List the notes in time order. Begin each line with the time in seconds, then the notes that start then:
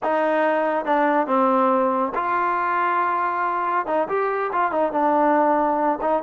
0.03 D#4
0.85 D4
1.26 C4
2.14 F4
3.86 D#4
4.08 G4
4.52 F4
4.71 D#4
4.91 D4
6.01 D#4